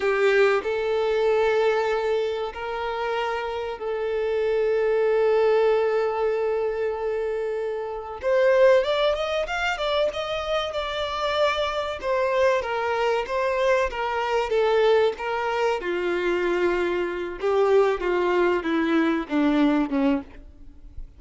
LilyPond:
\new Staff \with { instrumentName = "violin" } { \time 4/4 \tempo 4 = 95 g'4 a'2. | ais'2 a'2~ | a'1~ | a'4 c''4 d''8 dis''8 f''8 d''8 |
dis''4 d''2 c''4 | ais'4 c''4 ais'4 a'4 | ais'4 f'2~ f'8 g'8~ | g'8 f'4 e'4 d'4 cis'8 | }